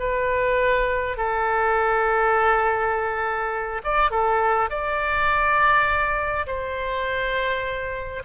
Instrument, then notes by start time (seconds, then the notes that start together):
oboe
0.00 B4
1.18 A4
3.84 D5
4.11 A4
4.71 D5
6.47 C5